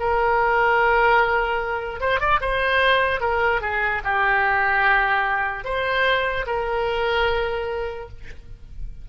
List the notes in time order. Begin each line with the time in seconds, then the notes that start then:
0.00 A#4
2.01 C5
2.20 D5
2.41 C5
3.21 A#4
3.62 G#4
4.04 G4
5.65 C5
6.47 A#4